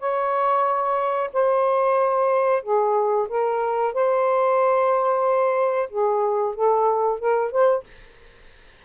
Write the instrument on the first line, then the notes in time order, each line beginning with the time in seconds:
saxophone
0.00 C#5
1.33 C5
2.63 G#4
3.29 A#4
3.94 C5
5.90 G#4
6.55 A4
7.19 A#4
7.51 C5